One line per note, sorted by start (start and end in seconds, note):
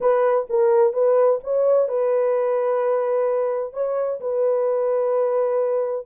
0.00 0.47 B4
0.49 0.93 A#4
0.93 1.39 B4
1.43 1.88 C#5
1.88 3.73 B4
3.73 4.19 C#5
4.20 6.06 B4